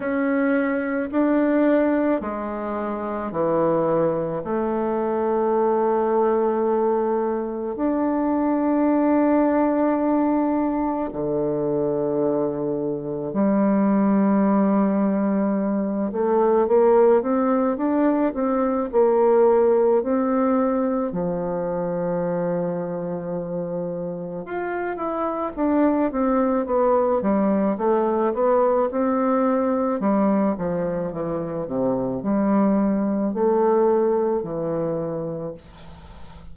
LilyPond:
\new Staff \with { instrumentName = "bassoon" } { \time 4/4 \tempo 4 = 54 cis'4 d'4 gis4 e4 | a2. d'4~ | d'2 d2 | g2~ g8 a8 ais8 c'8 |
d'8 c'8 ais4 c'4 f4~ | f2 f'8 e'8 d'8 c'8 | b8 g8 a8 b8 c'4 g8 f8 | e8 c8 g4 a4 e4 | }